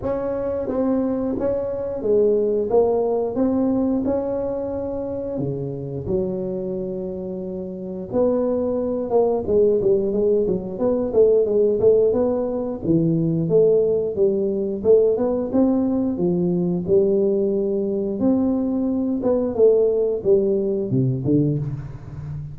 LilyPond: \new Staff \with { instrumentName = "tuba" } { \time 4/4 \tempo 4 = 89 cis'4 c'4 cis'4 gis4 | ais4 c'4 cis'2 | cis4 fis2. | b4. ais8 gis8 g8 gis8 fis8 |
b8 a8 gis8 a8 b4 e4 | a4 g4 a8 b8 c'4 | f4 g2 c'4~ | c'8 b8 a4 g4 c8 d8 | }